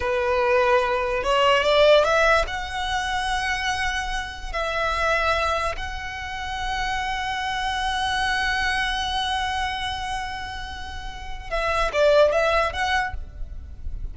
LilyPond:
\new Staff \with { instrumentName = "violin" } { \time 4/4 \tempo 4 = 146 b'2. cis''4 | d''4 e''4 fis''2~ | fis''2. e''4~ | e''2 fis''2~ |
fis''1~ | fis''1~ | fis''1 | e''4 d''4 e''4 fis''4 | }